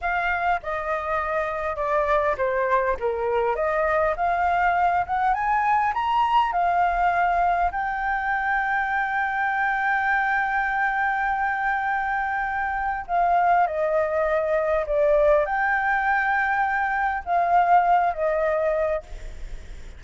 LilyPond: \new Staff \with { instrumentName = "flute" } { \time 4/4 \tempo 4 = 101 f''4 dis''2 d''4 | c''4 ais'4 dis''4 f''4~ | f''8 fis''8 gis''4 ais''4 f''4~ | f''4 g''2.~ |
g''1~ | g''2 f''4 dis''4~ | dis''4 d''4 g''2~ | g''4 f''4. dis''4. | }